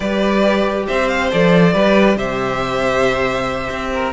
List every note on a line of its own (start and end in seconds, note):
0.00 0.87 G3
0.00 1.30 G4
0.00 0.86 B4
0.00 0.85 D5
0.86 1.32 C4
0.86 1.72 C5
0.86 1.08 E5
1.08 1.30 F5
1.30 1.74 F3
1.30 1.73 A4
1.30 2.17 D5
1.72 2.15 G3
1.72 4.12 G4
1.72 2.16 B4
2.15 3.68 C3
2.15 3.90 C5
2.15 4.13 E5
3.70 4.13 C4
3.93 4.13 A#4